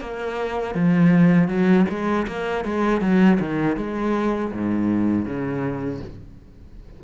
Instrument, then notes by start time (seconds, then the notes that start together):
cello
0.00 A#3
0.74 F3
1.48 F#3
1.89 G#3
2.27 A#3
2.64 G#3
3.01 F#3
3.40 D#3
3.76 G#3
4.52 G#2
5.25 C#3